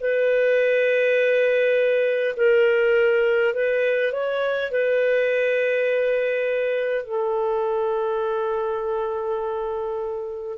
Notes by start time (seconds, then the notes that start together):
0.00 B4
2.36 A#4
3.54 B4
4.12 C#5
4.71 B4
7.05 A4